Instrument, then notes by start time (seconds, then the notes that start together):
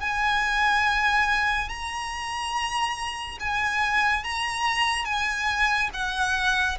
violin
0.00 G#5
1.69 A#5
3.40 G#5
4.24 A#5
5.05 G#5
5.93 F#5